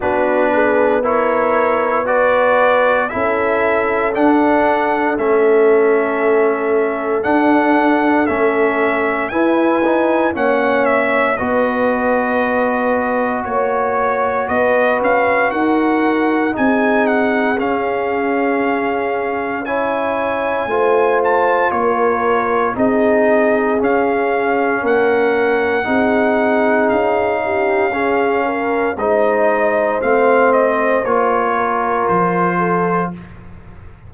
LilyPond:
<<
  \new Staff \with { instrumentName = "trumpet" } { \time 4/4 \tempo 4 = 58 b'4 cis''4 d''4 e''4 | fis''4 e''2 fis''4 | e''4 gis''4 fis''8 e''8 dis''4~ | dis''4 cis''4 dis''8 f''8 fis''4 |
gis''8 fis''8 f''2 gis''4~ | gis''8 a''8 cis''4 dis''4 f''4 | fis''2 f''2 | dis''4 f''8 dis''8 cis''4 c''4 | }
  \new Staff \with { instrumentName = "horn" } { \time 4/4 fis'8 gis'8 ais'4 b'4 a'4~ | a'1~ | a'4 b'4 cis''4 b'4~ | b'4 cis''4 b'4 ais'4 |
gis'2. cis''4 | c''4 ais'4 gis'2 | ais'4 gis'4. g'8 gis'8 ais'8 | c''2~ c''8 ais'4 a'8 | }
  \new Staff \with { instrumentName = "trombone" } { \time 4/4 d'4 e'4 fis'4 e'4 | d'4 cis'2 d'4 | cis'4 e'8 dis'8 cis'4 fis'4~ | fis'1 |
dis'4 cis'2 e'4 | f'2 dis'4 cis'4~ | cis'4 dis'2 cis'4 | dis'4 c'4 f'2 | }
  \new Staff \with { instrumentName = "tuba" } { \time 4/4 b2. cis'4 | d'4 a2 d'4 | a4 e'4 ais4 b4~ | b4 ais4 b8 cis'8 dis'4 |
c'4 cis'2. | a4 ais4 c'4 cis'4 | ais4 c'4 cis'2 | gis4 a4 ais4 f4 | }
>>